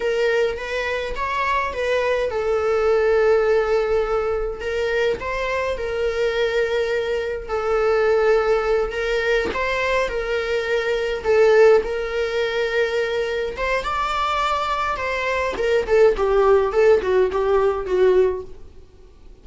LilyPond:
\new Staff \with { instrumentName = "viola" } { \time 4/4 \tempo 4 = 104 ais'4 b'4 cis''4 b'4 | a'1 | ais'4 c''4 ais'2~ | ais'4 a'2~ a'8 ais'8~ |
ais'8 c''4 ais'2 a'8~ | a'8 ais'2. c''8 | d''2 c''4 ais'8 a'8 | g'4 a'8 fis'8 g'4 fis'4 | }